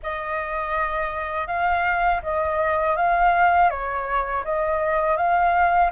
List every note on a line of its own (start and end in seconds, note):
0.02 1.46 D#5
1.46 2.21 F5
2.22 2.96 D#5
2.96 3.70 F5
3.70 4.44 C#5
4.44 5.16 D#5
5.16 5.91 F5